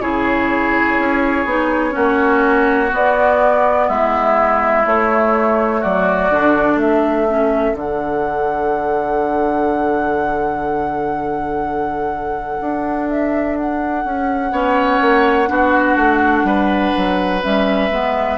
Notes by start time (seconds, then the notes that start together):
0.00 C#3 E4 G#4 C#5
0.99 C#4
1.45 B3 D#4
1.91 A#3 C#4 F#4
2.91 B3 D5
3.88 G#3 E4 E5
4.85 A3 C#5
5.81 F#3 F#4 D5
6.31 D3 D4
6.76 A3 A4 E5
7.28 C#4
7.74 D3 D4 F#5
12.61 D4
13.10 E5
13.57 F#5
14.05 C#4
14.52 B3 C#4 C#5
15.01 A#3
15.48 B3 D4 F#4
15.96 A3
16.44 G3 B4
16.97 F#3
17.42 G3 C#4 E5
17.91 G#3 B3